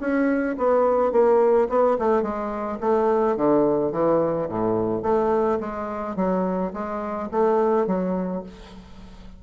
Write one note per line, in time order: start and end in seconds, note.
0.00 0.56 C#4
0.57 1.11 B3
1.11 1.67 A#3
1.69 1.97 B3
1.99 2.22 A3
2.22 2.78 G#3
2.80 3.36 A3
3.36 3.92 D3
3.92 4.48 E3
4.49 5.02 A2
5.02 5.58 A3
5.59 6.16 G#3
6.16 6.72 F#3
6.73 7.29 G#3
7.31 7.87 A3
7.87 8.43 F#3